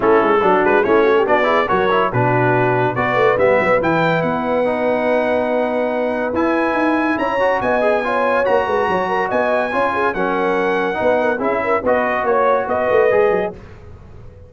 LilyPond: <<
  \new Staff \with { instrumentName = "trumpet" } { \time 4/4 \tempo 4 = 142 a'4. b'8 cis''4 d''4 | cis''4 b'2 d''4 | e''4 g''4 fis''2~ | fis''2. gis''4~ |
gis''4 ais''4 gis''2 | ais''2 gis''2 | fis''2. e''4 | dis''4 cis''4 dis''2 | }
  \new Staff \with { instrumentName = "horn" } { \time 4/4 e'4 fis'4 e'8 fis'16 g'16 fis'8 gis'8 | ais'4 fis'2 b'4~ | b'1~ | b'1~ |
b'4 cis''4 dis''4 cis''4~ | cis''8 b'8 cis''8 ais'8 dis''4 cis''8 gis'8 | ais'2 b'8 ais'8 gis'8 ais'8 | b'4 cis''4 b'2 | }
  \new Staff \with { instrumentName = "trombone" } { \time 4/4 cis'4 d'4 cis'4 d'8 e'8 | fis'8 e'8 d'2 fis'4 | b4 e'2 dis'4~ | dis'2. e'4~ |
e'4. fis'4 gis'8 f'4 | fis'2. f'4 | cis'2 dis'4 e'4 | fis'2. gis'4 | }
  \new Staff \with { instrumentName = "tuba" } { \time 4/4 a8 gis8 fis8 gis8 a4 b4 | fis4 b,2 b8 a8 | g8 fis8 e4 b2~ | b2. e'4 |
dis'4 cis'4 b2 | ais8 gis8 fis4 b4 cis'4 | fis2 b4 cis'4 | b4 ais4 b8 a8 gis8 fis8 | }
>>